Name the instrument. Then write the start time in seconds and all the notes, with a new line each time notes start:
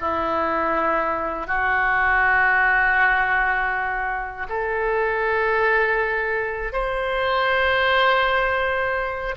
oboe
0.00 E4
1.47 F#4
4.48 A4
6.72 C5